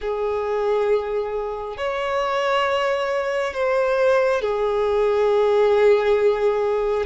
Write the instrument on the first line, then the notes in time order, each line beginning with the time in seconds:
violin
0.00 G#4
1.77 C#5
3.53 C5
4.41 G#4